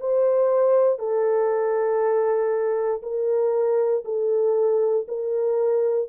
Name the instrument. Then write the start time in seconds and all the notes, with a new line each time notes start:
horn
0.00 C5
0.99 A4
3.02 A#4
4.05 A4
5.08 A#4